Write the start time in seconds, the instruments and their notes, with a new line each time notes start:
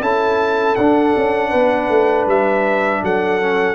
0.00 tuba C#4, trombone E4, horn A4, trumpet A5
0.75 tuba D4, trombone D4, trumpet F#5
1.17 tuba C#4
1.50 tuba B3, horn B4
1.89 tuba A3
2.27 tuba G3, trumpet E5
3.03 tuba F#3, horn A4, trumpet F#5
3.41 trombone C#4